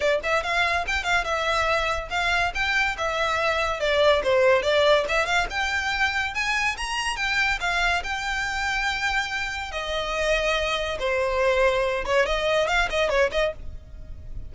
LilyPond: \new Staff \with { instrumentName = "violin" } { \time 4/4 \tempo 4 = 142 d''8 e''8 f''4 g''8 f''8 e''4~ | e''4 f''4 g''4 e''4~ | e''4 d''4 c''4 d''4 | e''8 f''8 g''2 gis''4 |
ais''4 g''4 f''4 g''4~ | g''2. dis''4~ | dis''2 c''2~ | c''8 cis''8 dis''4 f''8 dis''8 cis''8 dis''8 | }